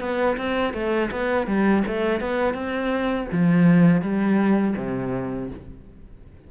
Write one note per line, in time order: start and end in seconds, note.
0.00 0.37 B3
0.37 0.74 C4
0.74 1.10 A3
1.11 1.47 B3
1.47 1.83 G3
1.87 2.21 A3
2.21 2.54 B3
2.54 3.27 C4
3.32 4.02 F3
4.02 4.75 G3
4.77 5.50 C3